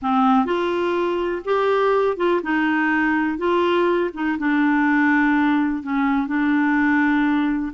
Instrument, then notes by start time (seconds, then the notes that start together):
clarinet
0.02 C4
0.45 F4
1.44 G4
2.17 F4
2.42 D#4
3.38 F4
4.13 D#4
4.38 D4
5.82 C#4
6.27 D4